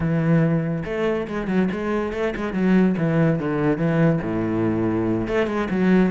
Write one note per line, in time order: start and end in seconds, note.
0.00 0.83 E3
0.85 1.27 A3
1.27 1.47 G#3
1.47 1.68 F#3
1.71 2.12 G#3
2.12 2.34 A3
2.35 2.53 G#3
2.53 2.95 F#3
2.97 3.39 E3
3.39 3.77 D3
3.77 4.19 E3
4.22 5.27 A2
5.27 5.46 A3
5.46 5.68 G#3
5.70 6.11 F#3